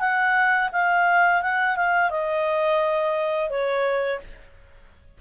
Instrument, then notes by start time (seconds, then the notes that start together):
clarinet
0.00 F#5
0.72 F5
1.42 F#5
1.76 F5
2.11 D#5
3.50 C#5